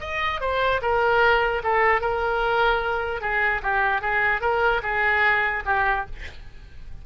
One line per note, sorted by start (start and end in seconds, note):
0.00 0.40 D#5
0.40 0.81 C5
0.81 1.62 A#4
1.63 2.01 A4
2.01 3.21 A#4
3.21 3.61 G#4
3.62 4.01 G4
4.01 4.41 G#4
4.41 4.81 A#4
4.82 5.63 G#4
5.65 6.05 G4